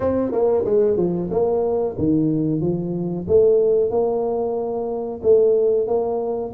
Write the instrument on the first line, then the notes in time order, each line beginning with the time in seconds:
tuba
0.00 C4
0.31 A#3
0.65 G#3
0.96 F3
1.30 A#3
1.97 D#3
2.60 F3
3.27 A3
3.90 A#3
5.22 A3
5.87 A#3